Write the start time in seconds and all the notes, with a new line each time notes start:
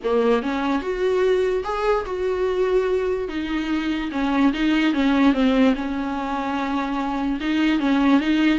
0.03 A#3
0.42 C#4
0.81 F#4
1.64 G#4
2.05 F#4
3.28 D#4
4.11 C#4
4.53 D#4
4.93 C#4
5.33 C4
5.75 C#4
7.40 D#4
7.79 C#4
8.20 D#4